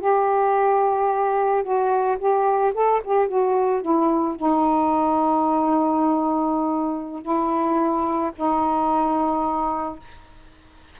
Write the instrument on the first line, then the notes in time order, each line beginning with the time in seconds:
saxophone
0.00 G4
1.63 F#4
2.18 G4
2.74 A4
3.04 G4
3.28 F#4
3.82 E4
4.36 D#4
7.22 E4
8.36 D#4